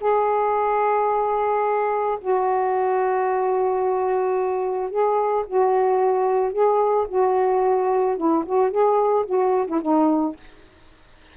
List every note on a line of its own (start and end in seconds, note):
0.00 2.18 G#4
2.20 4.90 F#4
4.90 5.45 G#4
5.47 6.52 F#4
6.52 7.07 G#4
7.08 8.17 F#4
8.17 8.44 E4
8.45 8.70 F#4
8.70 9.25 G#4
9.26 9.66 F#4
9.67 9.81 E4
9.81 10.36 D#4